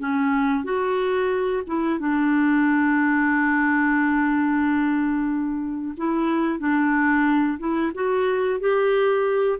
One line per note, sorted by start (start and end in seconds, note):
0.00 0.64 C#4
0.64 1.63 F#4
1.67 2.00 E4
2.00 5.95 D4
5.98 6.60 E4
6.60 7.59 D4
7.59 7.92 E4
7.95 8.60 F#4
8.60 9.59 G4